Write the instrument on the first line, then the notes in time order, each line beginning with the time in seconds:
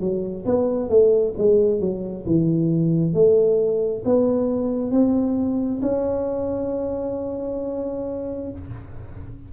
tuba
0.00 F#3
0.45 B3
0.89 A3
1.38 G#3
1.80 F#3
2.26 E3
3.13 A3
4.05 B3
4.91 C4
5.82 C#4